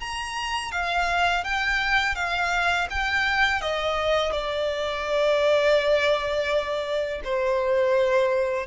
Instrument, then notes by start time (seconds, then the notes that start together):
violin
0.00 A#5
0.71 F5
1.44 G5
2.15 F5
2.90 G5
3.61 D#5
4.32 D5
7.24 C5